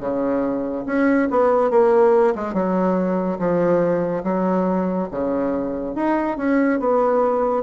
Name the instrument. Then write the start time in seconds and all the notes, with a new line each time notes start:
bassoon
0.00 C#3
0.86 C#4
1.30 B3
1.71 A#3
2.35 G#3
2.54 F#3
3.39 F3
4.23 F#3
5.11 C#3
5.95 D#4
6.37 C#4
6.80 B3